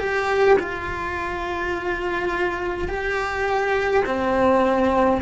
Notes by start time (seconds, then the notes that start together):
0.00 G4
0.59 F4
2.88 G4
4.06 C4